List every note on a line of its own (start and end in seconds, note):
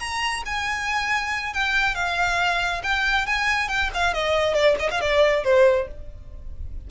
0.00 0.43 A#5
0.46 1.54 G#5
1.54 1.95 G5
1.95 2.82 F5
2.84 3.27 G5
3.27 3.69 G#5
3.69 3.91 G5
3.95 4.14 F5
4.14 4.55 D#5
4.55 4.76 D5
4.79 4.90 D#5
4.91 5.01 F5
5.01 5.44 D5
5.44 5.88 C5